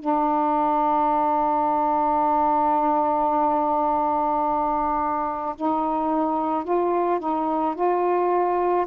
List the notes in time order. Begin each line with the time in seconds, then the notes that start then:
0.00 D4
5.56 D#4
6.64 F4
7.20 D#4
7.75 F4